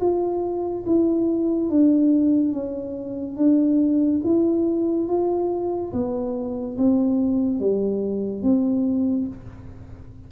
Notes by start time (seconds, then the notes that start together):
0.00 F4
0.86 E4
1.70 D4
2.53 C#4
3.36 D4
4.24 E4
5.07 F4
5.92 B3
6.77 C4
7.60 G3
8.43 C4